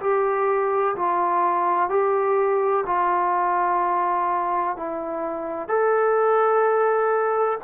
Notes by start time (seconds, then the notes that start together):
0.00 G4
0.96 F4
1.89 G4
2.86 F4
4.77 E4
5.68 A4